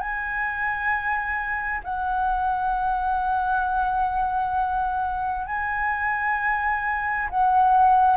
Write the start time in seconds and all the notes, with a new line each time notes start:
0.00 G#5
1.84 F#5
5.47 G#5
7.30 F#5